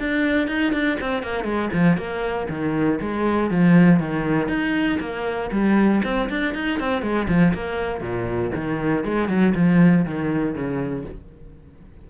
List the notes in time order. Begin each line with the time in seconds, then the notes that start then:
0.00 D4
0.48 D#4
0.73 D4
1.01 C4
1.23 A#3
1.45 G#3
1.74 F3
1.97 A#3
2.50 D#3
3.01 G#3
3.51 F3
4.00 D#3
4.49 D#4
5.01 A#3
5.52 G3
6.04 C4
6.30 D4
6.55 D#4
6.80 C4
7.02 G#3
7.28 F3
7.54 A#3
8.01 A#2
8.56 D#3
9.05 G#3
9.29 F#3
9.55 F3
10.05 D#3
10.55 C#3